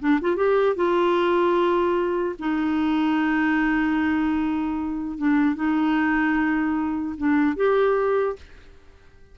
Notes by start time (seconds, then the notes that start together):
0.00 D4
0.21 F4
0.37 G4
0.76 F4
2.40 D#4
5.18 D4
5.56 D#4
7.18 D4
7.57 G4